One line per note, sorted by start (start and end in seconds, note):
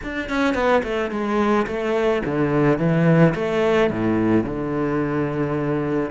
0.03 0.29 D4
0.29 0.54 C#4
0.54 0.82 B3
0.83 1.10 A3
1.10 1.66 G#3
1.67 2.22 A3
2.25 2.78 D3
2.78 3.34 E3
3.34 3.90 A3
3.90 4.43 A2
4.43 6.10 D3